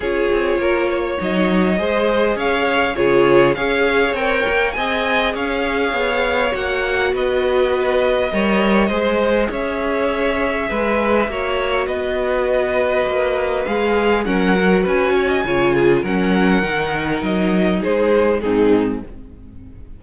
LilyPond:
<<
  \new Staff \with { instrumentName = "violin" } { \time 4/4 \tempo 4 = 101 cis''2 dis''2 | f''4 cis''4 f''4 g''4 | gis''4 f''2 fis''4 | dis''1 |
e''1 | dis''2. f''4 | fis''4 gis''2 fis''4~ | fis''4 dis''4 c''4 gis'4 | }
  \new Staff \with { instrumentName = "violin" } { \time 4/4 gis'4 ais'8 cis''4. c''4 | cis''4 gis'4 cis''2 | dis''4 cis''2. | b'2 cis''4 c''4 |
cis''2 b'4 cis''4 | b'1 | ais'4 b'8 cis''16 dis''16 cis''8 gis'8 ais'4~ | ais'2 gis'4 dis'4 | }
  \new Staff \with { instrumentName = "viola" } { \time 4/4 f'2 dis'4 gis'4~ | gis'4 f'4 gis'4 ais'4 | gis'2. fis'4~ | fis'2 ais'4 gis'4~ |
gis'2. fis'4~ | fis'2. gis'4 | cis'8 fis'4. f'4 cis'4 | dis'2. c'4 | }
  \new Staff \with { instrumentName = "cello" } { \time 4/4 cis'8 c'8 ais4 fis4 gis4 | cis'4 cis4 cis'4 c'8 ais8 | c'4 cis'4 b4 ais4 | b2 g4 gis4 |
cis'2 gis4 ais4 | b2 ais4 gis4 | fis4 cis'4 cis4 fis4 | dis4 fis4 gis4 gis,4 | }
>>